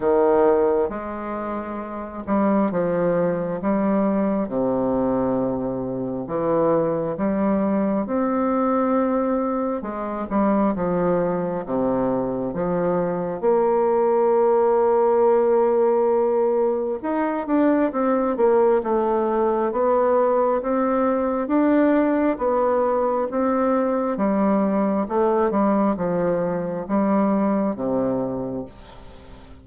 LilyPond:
\new Staff \with { instrumentName = "bassoon" } { \time 4/4 \tempo 4 = 67 dis4 gis4. g8 f4 | g4 c2 e4 | g4 c'2 gis8 g8 | f4 c4 f4 ais4~ |
ais2. dis'8 d'8 | c'8 ais8 a4 b4 c'4 | d'4 b4 c'4 g4 | a8 g8 f4 g4 c4 | }